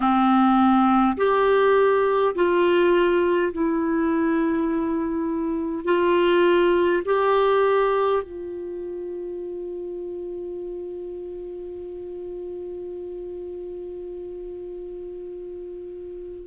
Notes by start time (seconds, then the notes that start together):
0.00 C4
1.17 G4
2.35 F4
3.52 E4
5.84 F4
7.05 G4
8.22 F4